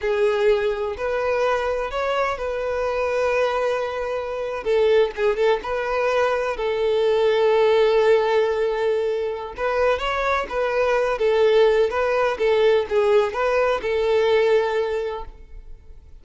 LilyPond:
\new Staff \with { instrumentName = "violin" } { \time 4/4 \tempo 4 = 126 gis'2 b'2 | cis''4 b'2.~ | b'4.~ b'16 a'4 gis'8 a'8 b'16~ | b'4.~ b'16 a'2~ a'16~ |
a'1 | b'4 cis''4 b'4. a'8~ | a'4 b'4 a'4 gis'4 | b'4 a'2. | }